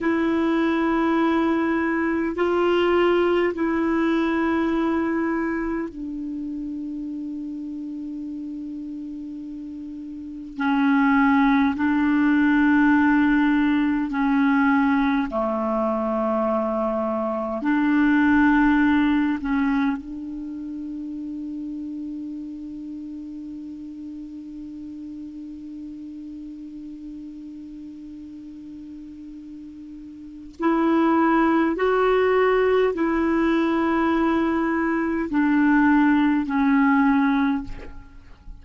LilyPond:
\new Staff \with { instrumentName = "clarinet" } { \time 4/4 \tempo 4 = 51 e'2 f'4 e'4~ | e'4 d'2.~ | d'4 cis'4 d'2 | cis'4 a2 d'4~ |
d'8 cis'8 d'2.~ | d'1~ | d'2 e'4 fis'4 | e'2 d'4 cis'4 | }